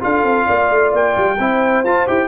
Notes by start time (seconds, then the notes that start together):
0.00 D4 F4 A4 F5
0.23 C4
0.46 A#3 D5
0.70 A3
0.93 A#3 G5
1.16 G3
1.39 C4 E4 C5
1.84 F4 A5
2.07 E4 G4 G5